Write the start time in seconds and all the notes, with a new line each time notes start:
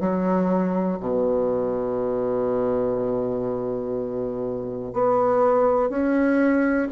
0.00 F#3
1.00 B2
4.93 B3
5.90 C#4